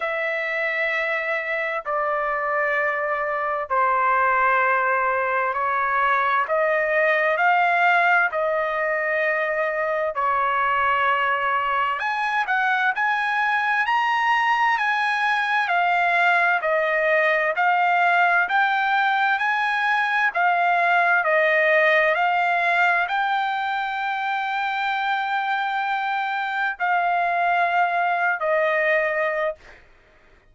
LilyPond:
\new Staff \with { instrumentName = "trumpet" } { \time 4/4 \tempo 4 = 65 e''2 d''2 | c''2 cis''4 dis''4 | f''4 dis''2 cis''4~ | cis''4 gis''8 fis''8 gis''4 ais''4 |
gis''4 f''4 dis''4 f''4 | g''4 gis''4 f''4 dis''4 | f''4 g''2.~ | g''4 f''4.~ f''16 dis''4~ dis''16 | }